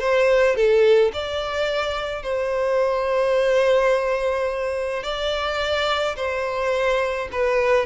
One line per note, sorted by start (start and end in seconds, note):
0.00 0.56 C5
0.56 1.12 A4
1.14 2.23 D5
2.23 5.04 C5
5.04 6.16 D5
6.17 7.29 C5
7.32 7.87 B4